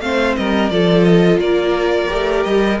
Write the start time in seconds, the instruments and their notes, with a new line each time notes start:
0.00 cello A3, viola C4, violin C5 F5
0.36 cello G3, violin A#4 D#5
0.69 cello F3, viola F4, violin A4 D5
1.03 violin D#5
1.37 cello A#3, violin A#4 D5
2.08 cello A3, viola G4
2.43 cello G3, violin D#5